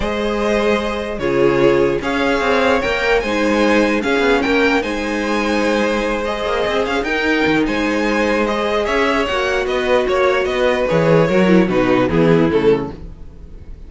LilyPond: <<
  \new Staff \with { instrumentName = "violin" } { \time 4/4 \tempo 4 = 149 dis''2. cis''4~ | cis''4 f''2 g''4 | gis''2 f''4 g''4 | gis''2.~ gis''8 dis''8~ |
dis''4 f''8 g''4. gis''4~ | gis''4 dis''4 e''4 fis''4 | dis''4 cis''4 dis''4 cis''4~ | cis''4 b'4 gis'4 a'4 | }
  \new Staff \with { instrumentName = "violin" } { \time 4/4 c''2. gis'4~ | gis'4 cis''2. | c''2 gis'4 ais'4 | c''1~ |
c''4. ais'4. c''4~ | c''2 cis''2 | b'4 cis''4 b'2 | ais'4 fis'4 e'2 | }
  \new Staff \with { instrumentName = "viola" } { \time 4/4 gis'2. f'4~ | f'4 gis'2 ais'4 | dis'2 cis'2 | dis'2.~ dis'8 gis'8~ |
gis'4. dis'2~ dis'8~ | dis'4 gis'2 fis'4~ | fis'2. gis'4 | fis'8 e'8 dis'4 b4 a4 | }
  \new Staff \with { instrumentName = "cello" } { \time 4/4 gis2. cis4~ | cis4 cis'4 c'4 ais4 | gis2 cis'8 b8 ais4 | gis1 |
ais8 c'8 cis'8 dis'4 dis8 gis4~ | gis2 cis'4 ais4 | b4 ais4 b4 e4 | fis4 b,4 e4 cis4 | }
>>